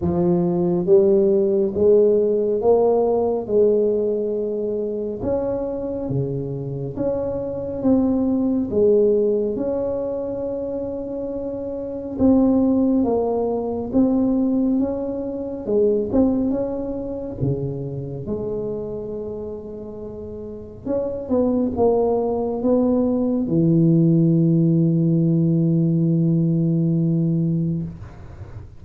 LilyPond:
\new Staff \with { instrumentName = "tuba" } { \time 4/4 \tempo 4 = 69 f4 g4 gis4 ais4 | gis2 cis'4 cis4 | cis'4 c'4 gis4 cis'4~ | cis'2 c'4 ais4 |
c'4 cis'4 gis8 c'8 cis'4 | cis4 gis2. | cis'8 b8 ais4 b4 e4~ | e1 | }